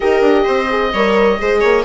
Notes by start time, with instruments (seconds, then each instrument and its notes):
0.00 bassoon D#4, horn G4, viola A#4, oboe D#5
0.21 bassoon D4
0.43 bassoon C4, viola C5
0.69 horn G#4
0.93 bassoon G3, horn A#4, viola C#5
1.39 bassoon G#3, horn G#4, viola C5
1.60 bassoon A#3, viola C#5